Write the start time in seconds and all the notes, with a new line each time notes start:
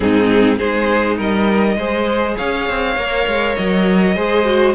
0.00 G#2 C4 D#4 G#4
0.57 G#3 D#4 G#4 C5
1.17 G3 A#4 D#5
1.76 G#3 G#4 C5
2.36 C#4 C#5 F5
2.69 C4
2.96 A#3 A#4
3.26 G#3
3.55 F#3 D#5
4.15 G#3 G#4 C5
4.45 F#4